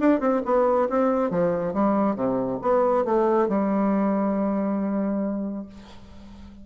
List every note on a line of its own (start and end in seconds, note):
0.00 0.21 D4
0.21 0.42 C4
0.46 0.89 B3
0.90 1.31 C4
1.31 1.74 F3
1.74 2.16 G3
2.16 2.60 C3
2.62 3.05 B3
3.05 3.49 A3
3.49 5.66 G3